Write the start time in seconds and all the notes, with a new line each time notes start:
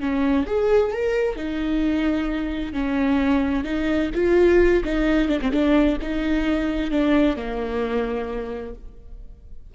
0.00 C#4
0.47 G#4
0.93 A#4
1.36 D#4
2.73 C#4
3.64 D#4
4.15 F4
4.84 D#4
5.29 D4
5.41 C4
5.52 D4
6.02 D#4
6.91 D4
7.37 A#3